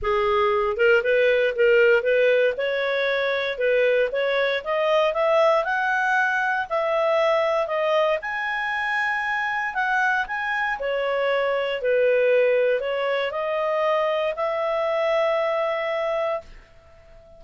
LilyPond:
\new Staff \with { instrumentName = "clarinet" } { \time 4/4 \tempo 4 = 117 gis'4. ais'8 b'4 ais'4 | b'4 cis''2 b'4 | cis''4 dis''4 e''4 fis''4~ | fis''4 e''2 dis''4 |
gis''2. fis''4 | gis''4 cis''2 b'4~ | b'4 cis''4 dis''2 | e''1 | }